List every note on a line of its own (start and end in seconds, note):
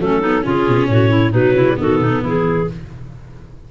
0.00 0.44 F#3
0.00 0.22 A3
0.00 0.20 C#4
0.00 0.45 A4
0.20 0.42 B3
0.20 0.42 D#4
0.42 0.68 C#3
0.42 1.31 C#4
0.42 0.88 F4
0.42 0.87 G#4
0.68 0.89 B2
0.87 1.32 A2
0.87 1.09 F#4
0.87 1.32 C#5
1.09 1.31 E4
1.31 1.53 B2
1.31 1.76 F#3
1.31 1.53 D#4
1.31 1.78 B4
1.53 1.75 C#3
1.53 1.77 E4
1.76 2.00 D#3
1.76 2.65 B3
1.76 1.99 F#4
1.76 2.23 A4
1.99 2.22 B2
1.99 2.21 D#4
2.21 2.67 E3
2.21 2.65 E4
2.21 2.71 G#4